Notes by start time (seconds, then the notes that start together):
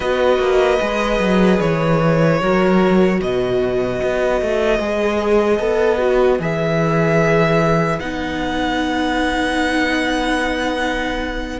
0.00 B3 F#4 B4 D#5
0.38 A#3
0.80 G#3 G#4
1.19 F#3
1.60 E3 C#5
2.41 F#3 F#4 A#4
3.19 B2 B4 D#5
4.02 B3
4.41 A3
4.79 G#3 G#4
5.59 B3 A4
5.98 F#4
6.39 E3 G#4 E5
7.99 B3 D#4 F#5